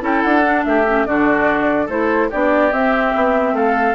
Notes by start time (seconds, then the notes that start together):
0.00 C#4 E4 A4 G5
0.22 D4 F#5
0.44 D4
0.64 A3 G4 E5
0.87 C#4
1.05 D3 D4 F#4 D5
1.86 A3 E4 A4 C5
2.30 B3 D4 G4 D5
2.72 C4 E5
3.15 B3
3.52 A3 A4 F5